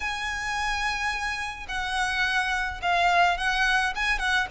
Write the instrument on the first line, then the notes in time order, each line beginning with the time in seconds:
violin
0.00 G#5
1.68 F#5
2.82 F5
3.37 F#5
3.95 G#5
4.18 F#5